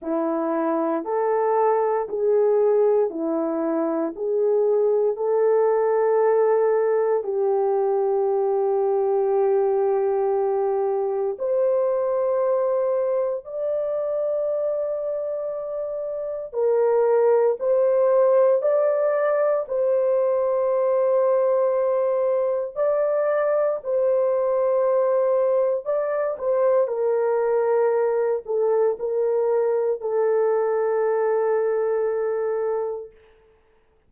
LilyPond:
\new Staff \with { instrumentName = "horn" } { \time 4/4 \tempo 4 = 58 e'4 a'4 gis'4 e'4 | gis'4 a'2 g'4~ | g'2. c''4~ | c''4 d''2. |
ais'4 c''4 d''4 c''4~ | c''2 d''4 c''4~ | c''4 d''8 c''8 ais'4. a'8 | ais'4 a'2. | }